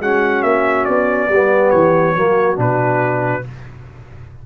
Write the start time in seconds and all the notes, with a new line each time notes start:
0.00 G#3 C#4 F#4 F#5
0.43 A#3 E5
0.85 B3 D5
1.29 G3 B3 G4
1.70 E3 C#5
2.15 F#3 A#3 F#4
2.56 B2 D4 B4